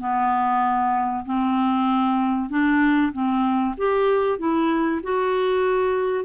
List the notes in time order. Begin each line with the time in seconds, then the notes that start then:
0.00 B3
1.26 C4
2.50 D4
3.13 C4
3.78 G4
4.39 E4
5.03 F#4